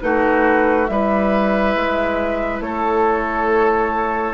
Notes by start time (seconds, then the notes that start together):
0.00 A3 D#4 F#4 B4
0.87 G3 E4 B4 E5
1.75 G#3
2.60 A3 A4 C#5